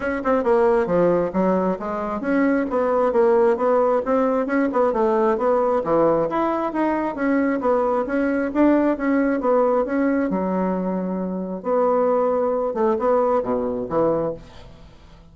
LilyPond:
\new Staff \with { instrumentName = "bassoon" } { \time 4/4 \tempo 4 = 134 cis'8 c'8 ais4 f4 fis4 | gis4 cis'4 b4 ais4 | b4 c'4 cis'8 b8 a4 | b4 e4 e'4 dis'4 |
cis'4 b4 cis'4 d'4 | cis'4 b4 cis'4 fis4~ | fis2 b2~ | b8 a8 b4 b,4 e4 | }